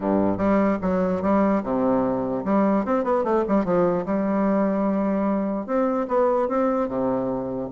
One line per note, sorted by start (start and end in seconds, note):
0.00 0.37 G2
0.37 0.78 G3
0.81 1.22 F#3
1.22 1.62 G3
1.63 2.44 C3
2.44 2.85 G3
2.85 3.04 C4
3.04 3.24 B3
3.24 3.44 A3
3.48 3.64 G3
3.64 4.05 F3
4.05 5.66 G3
5.66 6.06 C4
6.08 6.48 B3
6.48 6.88 C4
6.88 7.69 C3